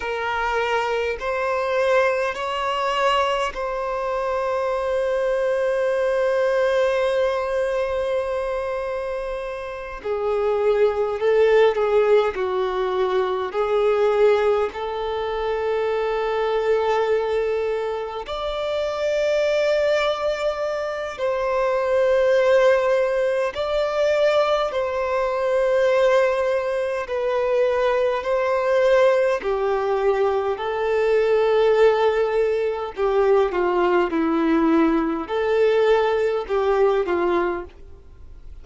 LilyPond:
\new Staff \with { instrumentName = "violin" } { \time 4/4 \tempo 4 = 51 ais'4 c''4 cis''4 c''4~ | c''1~ | c''8 gis'4 a'8 gis'8 fis'4 gis'8~ | gis'8 a'2. d''8~ |
d''2 c''2 | d''4 c''2 b'4 | c''4 g'4 a'2 | g'8 f'8 e'4 a'4 g'8 f'8 | }